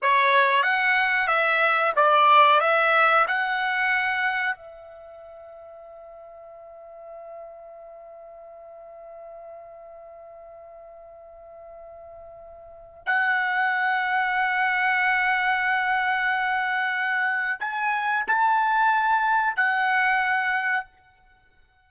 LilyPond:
\new Staff \with { instrumentName = "trumpet" } { \time 4/4 \tempo 4 = 92 cis''4 fis''4 e''4 d''4 | e''4 fis''2 e''4~ | e''1~ | e''1~ |
e''1 | fis''1~ | fis''2. gis''4 | a''2 fis''2 | }